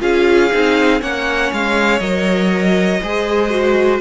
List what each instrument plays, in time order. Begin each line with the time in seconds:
0.00 cello C#4, viola F4, violin G#4 F5
0.52 cello C4, viola D#4
1.00 cello A#3, viola C#4, violin C#5 F#5
1.53 cello G#3, violin F5
2.00 cello F#3, viola A#4, violin D#5
3.02 cello G#3, viola G#4, violin C5
3.50 viola F#4